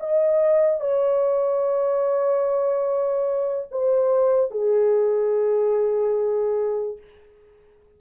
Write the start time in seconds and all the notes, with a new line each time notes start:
0.00 D#5
0.81 C#5
3.71 C5
4.51 G#4